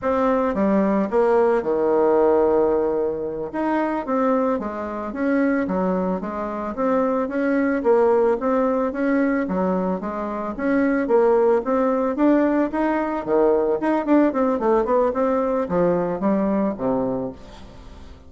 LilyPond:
\new Staff \with { instrumentName = "bassoon" } { \time 4/4 \tempo 4 = 111 c'4 g4 ais4 dis4~ | dis2~ dis8 dis'4 c'8~ | c'8 gis4 cis'4 fis4 gis8~ | gis8 c'4 cis'4 ais4 c'8~ |
c'8 cis'4 fis4 gis4 cis'8~ | cis'8 ais4 c'4 d'4 dis'8~ | dis'8 dis4 dis'8 d'8 c'8 a8 b8 | c'4 f4 g4 c4 | }